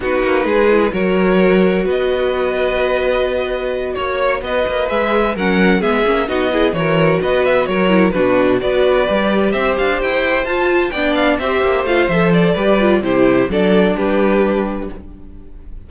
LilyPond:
<<
  \new Staff \with { instrumentName = "violin" } { \time 4/4 \tempo 4 = 129 b'2 cis''2 | dis''1~ | dis''8 cis''4 dis''4 e''4 fis''8~ | fis''8 e''4 dis''4 cis''4 dis''8 |
e''8 cis''4 b'4 d''4.~ | d''8 e''8 f''8 g''4 a''4 g''8 | f''8 e''4 f''8 e''8 d''4. | c''4 d''4 b'2 | }
  \new Staff \with { instrumentName = "violin" } { \time 4/4 fis'4 gis'4 ais'2 | b'1~ | b'8 cis''4 b'2 ais'8~ | ais'8 gis'4 fis'8 gis'8 ais'4 b'8~ |
b'8 ais'4 fis'4 b'4.~ | b'8 c''2. d''8~ | d''8 c''2~ c''8 b'4 | g'4 a'4 g'2 | }
  \new Staff \with { instrumentName = "viola" } { \time 4/4 dis'4. e'8 fis'2~ | fis'1~ | fis'2~ fis'8 gis'4 cis'8~ | cis'8 b8 cis'8 dis'8 e'8 fis'4.~ |
fis'4 e'8 d'4 fis'4 g'8~ | g'2~ g'8 f'4 d'8~ | d'8 g'4 f'8 a'4 g'8 f'8 | e'4 d'2. | }
  \new Staff \with { instrumentName = "cello" } { \time 4/4 b8 ais8 gis4 fis2 | b1~ | b8 ais4 b8 ais8 gis4 fis8~ | fis8 gis8 ais8 b4 e4 b8~ |
b8 fis4 b,4 b4 g8~ | g8 c'8 d'8 e'4 f'4 b8~ | b8 c'8 ais8 a8 f4 g4 | c4 fis4 g2 | }
>>